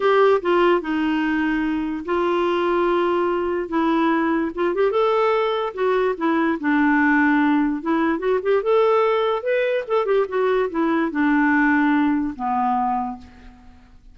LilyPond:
\new Staff \with { instrumentName = "clarinet" } { \time 4/4 \tempo 4 = 146 g'4 f'4 dis'2~ | dis'4 f'2.~ | f'4 e'2 f'8 g'8 | a'2 fis'4 e'4 |
d'2. e'4 | fis'8 g'8 a'2 b'4 | a'8 g'8 fis'4 e'4 d'4~ | d'2 b2 | }